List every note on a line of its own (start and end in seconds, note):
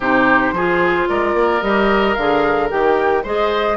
0.00 0.52 C3
0.00 0.55 D#4
0.00 0.54 G4
0.00 1.08 C5
0.52 1.06 F3
0.52 1.61 F4
0.52 1.08 G#4
1.08 1.34 G#3
1.08 3.23 A#4
1.08 1.62 D5
1.34 1.61 A#3
1.61 2.16 G3
1.61 2.15 G4
1.61 2.14 D#5
2.14 2.71 D3
2.14 2.69 G#4
2.14 2.68 F5
2.69 3.24 D#3
2.69 3.23 G4
2.69 3.24 G5
3.23 3.77 G#3
3.23 3.77 G#4
3.23 3.77 C5
3.23 3.77 D#5